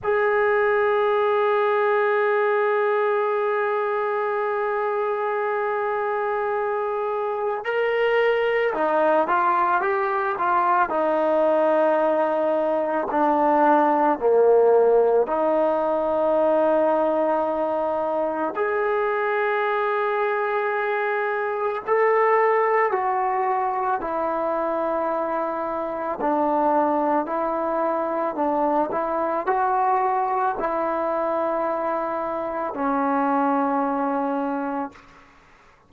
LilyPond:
\new Staff \with { instrumentName = "trombone" } { \time 4/4 \tempo 4 = 55 gis'1~ | gis'2. ais'4 | dis'8 f'8 g'8 f'8 dis'2 | d'4 ais4 dis'2~ |
dis'4 gis'2. | a'4 fis'4 e'2 | d'4 e'4 d'8 e'8 fis'4 | e'2 cis'2 | }